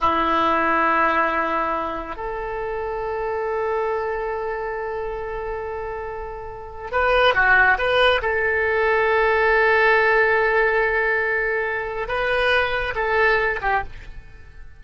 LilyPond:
\new Staff \with { instrumentName = "oboe" } { \time 4/4 \tempo 4 = 139 e'1~ | e'4 a'2.~ | a'1~ | a'1 |
b'4 fis'4 b'4 a'4~ | a'1~ | a'1 | b'2 a'4. g'8 | }